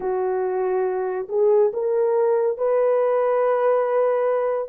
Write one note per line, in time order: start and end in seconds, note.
0.00 1.27 F#4
1.29 1.71 G#4
1.73 2.57 A#4
2.57 4.69 B4